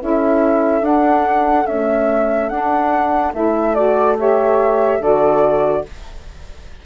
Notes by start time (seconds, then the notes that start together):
0.00 C#4 E4 A4 E5
0.81 D4 F#5
1.66 A3 C#4 E5
2.49 D4 F#5
3.34 A3 E4 E5
3.74 F#4 D5
4.17 G4 C#5 E5
4.98 D3 F#4 A4 D5